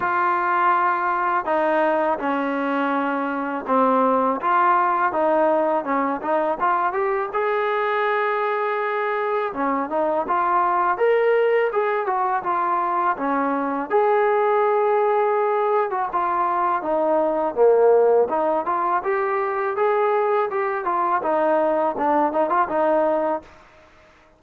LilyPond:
\new Staff \with { instrumentName = "trombone" } { \time 4/4 \tempo 4 = 82 f'2 dis'4 cis'4~ | cis'4 c'4 f'4 dis'4 | cis'8 dis'8 f'8 g'8 gis'2~ | gis'4 cis'8 dis'8 f'4 ais'4 |
gis'8 fis'8 f'4 cis'4 gis'4~ | gis'4.~ gis'16 fis'16 f'4 dis'4 | ais4 dis'8 f'8 g'4 gis'4 | g'8 f'8 dis'4 d'8 dis'16 f'16 dis'4 | }